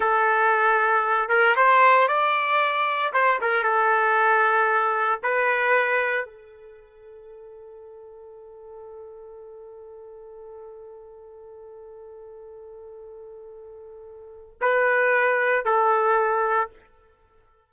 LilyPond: \new Staff \with { instrumentName = "trumpet" } { \time 4/4 \tempo 4 = 115 a'2~ a'8 ais'8 c''4 | d''2 c''8 ais'8 a'4~ | a'2 b'2 | a'1~ |
a'1~ | a'1~ | a'1 | b'2 a'2 | }